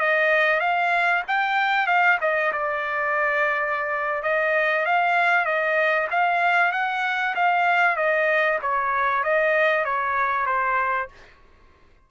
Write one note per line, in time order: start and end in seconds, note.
0.00 0.61 D#5
0.61 1.23 F5
1.28 1.87 G5
1.87 2.18 F5
2.21 2.52 D#5
2.53 4.23 D5
4.23 4.86 D#5
4.86 5.46 F5
5.46 6.08 D#5
6.11 6.72 F5
6.72 7.35 F#5
7.36 7.97 F5
7.97 8.59 D#5
8.62 9.24 C#5
9.24 9.85 D#5
9.85 10.46 C#5
10.46 11.09 C5